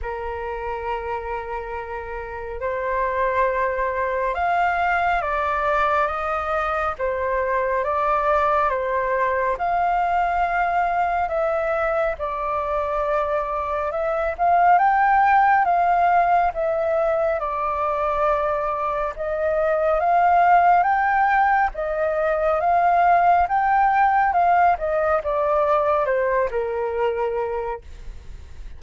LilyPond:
\new Staff \with { instrumentName = "flute" } { \time 4/4 \tempo 4 = 69 ais'2. c''4~ | c''4 f''4 d''4 dis''4 | c''4 d''4 c''4 f''4~ | f''4 e''4 d''2 |
e''8 f''8 g''4 f''4 e''4 | d''2 dis''4 f''4 | g''4 dis''4 f''4 g''4 | f''8 dis''8 d''4 c''8 ais'4. | }